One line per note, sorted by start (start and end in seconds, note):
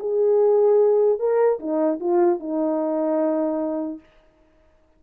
0.00 1.20 G#4
1.20 1.60 A#4
1.60 2.00 D#4
2.01 2.40 F4
2.40 4.00 D#4